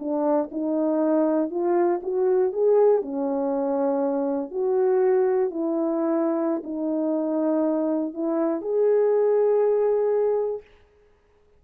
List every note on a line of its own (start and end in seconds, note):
0.00 0.50 D4
0.52 1.51 D#4
1.51 2.01 F4
2.03 2.53 F#4
2.53 3.02 G#4
3.02 4.51 C#4
4.51 5.50 F#4
5.50 6.63 E4
6.64 8.14 D#4
8.14 8.62 E4
8.62 10.62 G#4